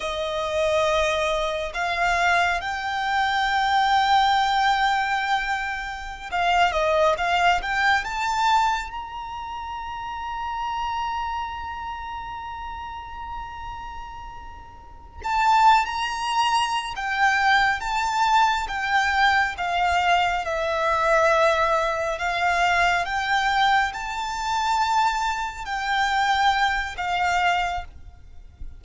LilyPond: \new Staff \with { instrumentName = "violin" } { \time 4/4 \tempo 4 = 69 dis''2 f''4 g''4~ | g''2.~ g''16 f''8 dis''16~ | dis''16 f''8 g''8 a''4 ais''4.~ ais''16~ | ais''1~ |
ais''4. a''8. ais''4~ ais''16 g''8~ | g''8 a''4 g''4 f''4 e''8~ | e''4. f''4 g''4 a''8~ | a''4. g''4. f''4 | }